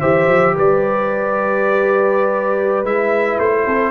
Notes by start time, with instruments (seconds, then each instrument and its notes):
0.00 tuba E3, trombone G4, horn C5, trumpet E5
0.27 tuba F3
0.55 tuba G3, horn B4, trumpet D5
2.83 tuba G#3, trombone E4, trumpet E5
3.38 tuba A3, trumpet C5
3.66 tuba C4, horn A4